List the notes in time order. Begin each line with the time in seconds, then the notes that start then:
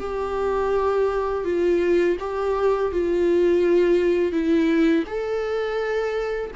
0.00 G4
1.45 F4
2.20 G4
2.92 F4
4.32 E4
5.07 A4